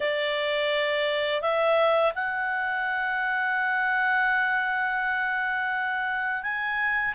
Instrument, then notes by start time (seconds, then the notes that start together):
clarinet
0.00 D5
1.41 E5
2.14 F#5
6.43 G#5